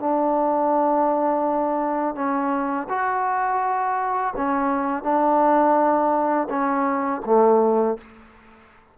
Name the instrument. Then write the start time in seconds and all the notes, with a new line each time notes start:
trombone
0.00 D4
2.15 C#4
2.89 F#4
4.37 C#4
5.03 D4
6.50 C#4
7.26 A3